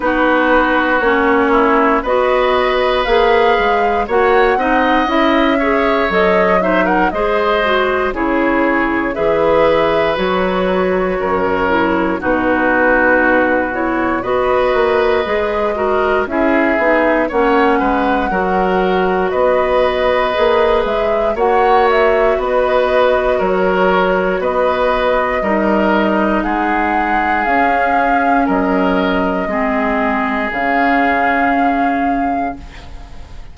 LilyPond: <<
  \new Staff \with { instrumentName = "flute" } { \time 4/4 \tempo 4 = 59 b'4 cis''4 dis''4 f''4 | fis''4 e''4 dis''8 e''16 fis''16 dis''4 | cis''4 e''4 cis''2 | b'4. cis''8 dis''2 |
e''4 fis''2 dis''4~ | dis''8 e''8 fis''8 e''8 dis''4 cis''4 | dis''2 fis''4 f''4 | dis''2 f''2 | }
  \new Staff \with { instrumentName = "oboe" } { \time 4/4 fis'4. e'8 b'2 | cis''8 dis''4 cis''4 c''16 ais'16 c''4 | gis'4 b'2 ais'4 | fis'2 b'4. ais'8 |
gis'4 cis''8 b'8 ais'4 b'4~ | b'4 cis''4 b'4 ais'4 | b'4 ais'4 gis'2 | ais'4 gis'2. | }
  \new Staff \with { instrumentName = "clarinet" } { \time 4/4 dis'4 cis'4 fis'4 gis'4 | fis'8 dis'8 e'8 gis'8 a'8 dis'8 gis'8 fis'8 | e'4 gis'4 fis'4. e'8 | dis'4. e'8 fis'4 gis'8 fis'8 |
e'8 dis'8 cis'4 fis'2 | gis'4 fis'2.~ | fis'4 dis'2 cis'4~ | cis'4 c'4 cis'2 | }
  \new Staff \with { instrumentName = "bassoon" } { \time 4/4 b4 ais4 b4 ais8 gis8 | ais8 c'8 cis'4 fis4 gis4 | cis4 e4 fis4 fis,4 | b,2 b8 ais8 gis4 |
cis'8 b8 ais8 gis8 fis4 b4 | ais8 gis8 ais4 b4 fis4 | b4 g4 gis4 cis'4 | fis4 gis4 cis2 | }
>>